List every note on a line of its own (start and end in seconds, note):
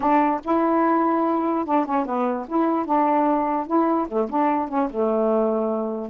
0.00 0.40 D4
0.43 1.65 E4
1.65 1.85 D4
1.85 2.05 C#4
2.05 2.46 B3
2.48 2.85 E4
2.85 3.66 D4
3.66 4.07 E4
4.08 4.28 A3
4.29 4.68 D4
4.68 4.89 C#4
4.90 6.09 A3